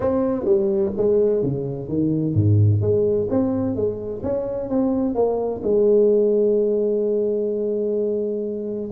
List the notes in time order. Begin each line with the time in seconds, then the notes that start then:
0.00 C4
0.45 G3
0.97 G#3
1.42 C#3
1.88 D#3
2.34 G#2
2.81 G#3
3.30 C4
3.75 G#3
4.23 C#4
4.69 C4
5.14 A#3
5.63 G#3